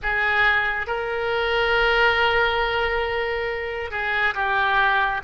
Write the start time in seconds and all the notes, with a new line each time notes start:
0.02 G#4
0.87 A#4
3.90 G#4
4.34 G4